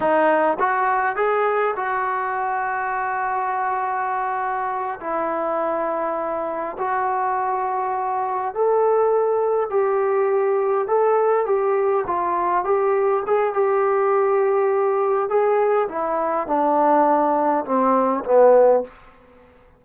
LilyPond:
\new Staff \with { instrumentName = "trombone" } { \time 4/4 \tempo 4 = 102 dis'4 fis'4 gis'4 fis'4~ | fis'1~ | fis'8 e'2. fis'8~ | fis'2~ fis'8 a'4.~ |
a'8 g'2 a'4 g'8~ | g'8 f'4 g'4 gis'8 g'4~ | g'2 gis'4 e'4 | d'2 c'4 b4 | }